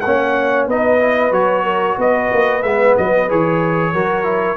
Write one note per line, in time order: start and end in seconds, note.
0.00 0.67 A#3
0.00 0.70 C#4
0.00 0.68 C#5
0.00 0.65 F#5
0.67 1.31 B3
0.67 1.00 D#4
0.67 1.64 B4
0.67 1.33 D#5
1.00 1.32 E4
1.31 1.96 F#3
1.31 2.62 F#4
1.31 1.98 C#5
1.64 1.97 A#4
1.97 2.30 B3
1.97 3.93 B4
1.97 2.62 D#5
2.32 2.62 A#3
2.62 2.95 G#3
2.62 3.28 B3
2.62 2.95 E5
2.97 3.31 F#3
2.97 3.30 D#5
3.28 3.93 E3
3.28 3.94 G#4
3.28 4.57 C#5
3.93 4.57 F#3
3.93 4.23 F#4
3.93 4.57 A#4
4.23 4.56 E4